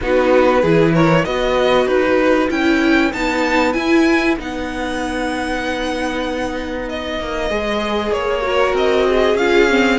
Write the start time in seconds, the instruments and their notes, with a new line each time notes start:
0.01 cello B3, viola D#4, violin F#4 B4
0.61 cello E3, viola E4, violin G#4
0.94 violin A#4 C#5
1.24 cello B3, viola F#4, violin B4 D#5
1.86 cello D#4, violin B4
2.49 cello C#4, viola E4, violin G5
3.12 cello B3, viola D#4, violin A5
3.73 viola E4, cello E4, violin G#5
4.38 cello B3, viola D#4, violin F#5
6.89 violin D#5
7.19 cello A#3
7.50 cello G#3, viola G#4
8.11 cello A#3, violin C#5
8.42 viola F#4, violin A#4
8.73 cello C4, violin D#5
9.08 violin G#4
9.34 cello C#4, viola F4, violin F5
9.69 viola C4